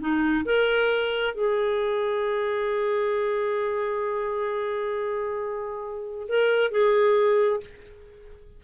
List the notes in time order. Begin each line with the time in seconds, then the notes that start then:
0.00 D#4
0.45 A#4
1.34 G#4
6.28 A#4
6.71 G#4